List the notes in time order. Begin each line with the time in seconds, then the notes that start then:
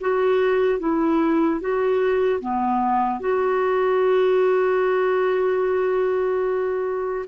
0.00 F#4
0.79 E4
1.60 F#4
2.40 B3
3.20 F#4